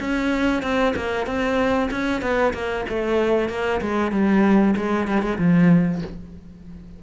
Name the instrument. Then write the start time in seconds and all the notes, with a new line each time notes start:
cello
0.00 C#4
0.62 C4
0.96 A#3
1.26 C4
1.91 C#4
2.22 B3
2.54 A#3
2.89 A3
3.49 A#3
3.81 G#3
4.12 G3
4.77 G#3
5.08 G3
5.22 G#3
5.38 F3